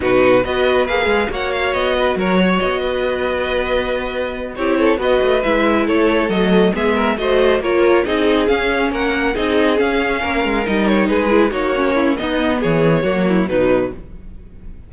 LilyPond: <<
  \new Staff \with { instrumentName = "violin" } { \time 4/4 \tempo 4 = 138 b'4 dis''4 f''4 fis''8 f''8 | dis''4 cis''4 dis''2~ | dis''2~ dis''8 cis''4 dis''8~ | dis''8 e''4 cis''4 dis''4 e''8~ |
e''8 dis''4 cis''4 dis''4 f''8~ | f''8 fis''4 dis''4 f''4.~ | f''8 dis''8 cis''8 b'4 cis''4. | dis''4 cis''2 b'4 | }
  \new Staff \with { instrumentName = "violin" } { \time 4/4 fis'4 b'2 cis''4~ | cis''8 b'8 ais'8 cis''4 b'4.~ | b'2~ b'8 g'8 a'8 b'8~ | b'4. a'2 gis'8 |
ais'8 c''4 ais'4 gis'4.~ | gis'8 ais'4 gis'2 ais'8~ | ais'4. gis'4 fis'4 e'8 | dis'4 gis'4 fis'8 e'8 dis'4 | }
  \new Staff \with { instrumentName = "viola" } { \time 4/4 dis'4 fis'4 gis'4 fis'4~ | fis'1~ | fis'2~ fis'8 e'4 fis'8~ | fis'8 e'2 a4 b8~ |
b8 fis'4 f'4 dis'4 cis'8~ | cis'4. dis'4 cis'4.~ | cis'8 dis'4. e'8 dis'8 cis'4 | b2 ais4 fis4 | }
  \new Staff \with { instrumentName = "cello" } { \time 4/4 b,4 b4 ais8 gis8 ais4 | b4 fis4 b2~ | b2~ b8 c'4 b8 | a8 gis4 a4 fis4 gis8~ |
gis8 a4 ais4 c'4 cis'8~ | cis'8 ais4 c'4 cis'4 ais8 | gis8 g4 gis4 ais4. | b4 e4 fis4 b,4 | }
>>